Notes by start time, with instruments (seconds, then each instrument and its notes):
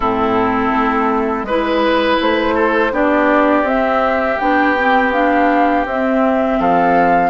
0.00 bassoon A2, clarinet C4, oboe E4, flute A4
0.72 bassoon A3
1.43 bassoon G#3, clarinet E4, oboe B4, flute B4
2.20 bassoon A3, flute C5
2.54 oboe A4
2.91 bassoon B3, clarinet D4, oboe G4, flute D5
3.63 bassoon C4, clarinet C4, flute E5
4.38 bassoon B3, clarinet D4, flute G5
4.77 clarinet C4
5.12 clarinet D4, flute F5
5.85 bassoon C4, clarinet C4, flute E5
6.59 bassoon F3, oboe A4, flute F5